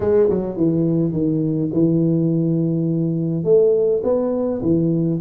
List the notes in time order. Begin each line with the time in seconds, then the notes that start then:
0.00 G#3
0.29 F#3
0.56 E3
1.12 D#3
1.73 E3
3.44 A3
4.03 B3
4.62 E3